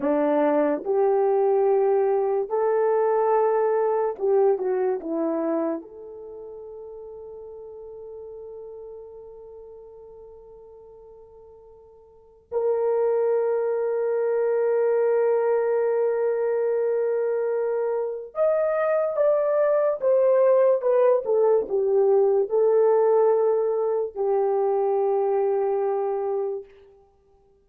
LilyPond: \new Staff \with { instrumentName = "horn" } { \time 4/4 \tempo 4 = 72 d'4 g'2 a'4~ | a'4 g'8 fis'8 e'4 a'4~ | a'1~ | a'2. ais'4~ |
ais'1~ | ais'2 dis''4 d''4 | c''4 b'8 a'8 g'4 a'4~ | a'4 g'2. | }